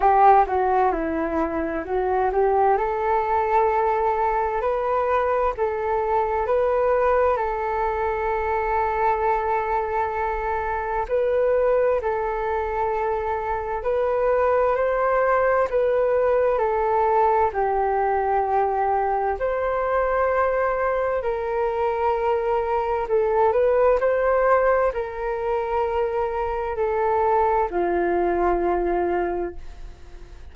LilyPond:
\new Staff \with { instrumentName = "flute" } { \time 4/4 \tempo 4 = 65 g'8 fis'8 e'4 fis'8 g'8 a'4~ | a'4 b'4 a'4 b'4 | a'1 | b'4 a'2 b'4 |
c''4 b'4 a'4 g'4~ | g'4 c''2 ais'4~ | ais'4 a'8 b'8 c''4 ais'4~ | ais'4 a'4 f'2 | }